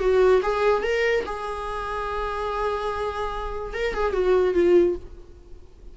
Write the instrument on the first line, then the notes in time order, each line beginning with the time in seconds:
viola
0.00 F#4
0.42 G#4
0.83 A#4
1.25 G#4
3.74 A#4
3.94 G#4
4.13 F#4
4.54 F4